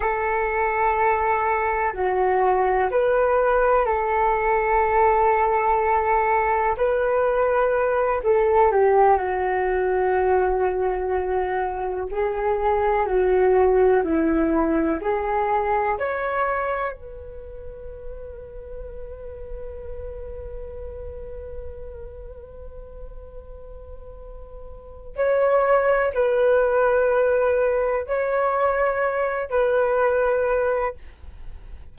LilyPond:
\new Staff \with { instrumentName = "flute" } { \time 4/4 \tempo 4 = 62 a'2 fis'4 b'4 | a'2. b'4~ | b'8 a'8 g'8 fis'2~ fis'8~ | fis'8 gis'4 fis'4 e'4 gis'8~ |
gis'8 cis''4 b'2~ b'8~ | b'1~ | b'2 cis''4 b'4~ | b'4 cis''4. b'4. | }